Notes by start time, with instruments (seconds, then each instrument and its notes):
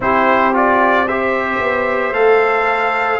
0.00 tuba C4, trombone E4, horn G4, trumpet C5
0.53 trombone F4, trumpet D5
1.06 trombone G4, horn C5, trumpet E5
1.58 tuba B3
2.12 tuba A3, trombone A4, trumpet F5